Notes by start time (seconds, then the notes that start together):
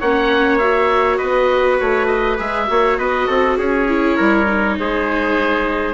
0.00 A#3 C#4 C#5 F#5
0.59 F#4 E5
1.18 B3 B4 D#5
1.80 A3 C#5
2.07 D#5
2.39 G#3 G#4 E5
2.68 A#3 F#4 C#5
2.98 B3 B4 D#5
3.28 C4 A4
3.58 C#4 G#4 C#5
3.89 E4
4.17 G3 A#4
4.46 D#4
4.80 G#3 G#4 C5